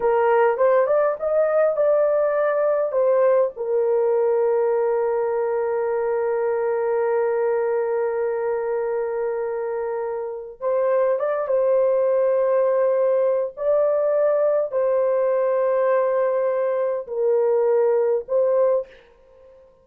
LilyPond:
\new Staff \with { instrumentName = "horn" } { \time 4/4 \tempo 4 = 102 ais'4 c''8 d''8 dis''4 d''4~ | d''4 c''4 ais'2~ | ais'1~ | ais'1~ |
ais'2 c''4 d''8 c''8~ | c''2. d''4~ | d''4 c''2.~ | c''4 ais'2 c''4 | }